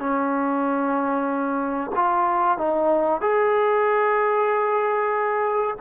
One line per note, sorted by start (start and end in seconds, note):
0.00 1.91 C#4
1.96 2.58 F4
2.58 3.21 D#4
3.21 5.76 G#4